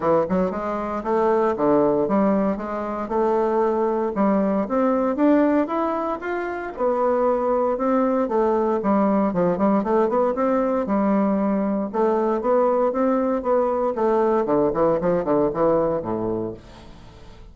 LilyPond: \new Staff \with { instrumentName = "bassoon" } { \time 4/4 \tempo 4 = 116 e8 fis8 gis4 a4 d4 | g4 gis4 a2 | g4 c'4 d'4 e'4 | f'4 b2 c'4 |
a4 g4 f8 g8 a8 b8 | c'4 g2 a4 | b4 c'4 b4 a4 | d8 e8 f8 d8 e4 a,4 | }